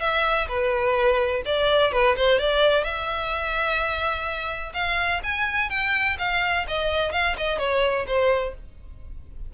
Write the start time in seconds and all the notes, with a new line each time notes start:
0.00 E5
0.48 B4
1.45 D5
1.92 B4
2.16 C5
2.39 D5
2.83 E5
4.74 F5
5.23 G#5
5.70 G5
6.18 F5
6.67 D#5
7.12 F5
7.37 D#5
7.58 C#5
8.07 C5